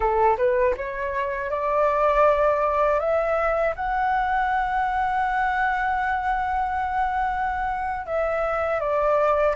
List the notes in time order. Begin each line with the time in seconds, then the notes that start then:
0.00 A4
0.37 B4
0.76 C#5
1.50 D5
2.99 E5
3.75 F#5
8.06 E5
8.80 D5